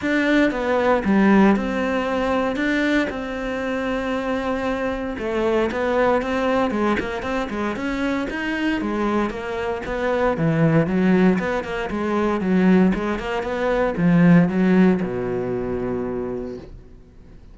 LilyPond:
\new Staff \with { instrumentName = "cello" } { \time 4/4 \tempo 4 = 116 d'4 b4 g4 c'4~ | c'4 d'4 c'2~ | c'2 a4 b4 | c'4 gis8 ais8 c'8 gis8 cis'4 |
dis'4 gis4 ais4 b4 | e4 fis4 b8 ais8 gis4 | fis4 gis8 ais8 b4 f4 | fis4 b,2. | }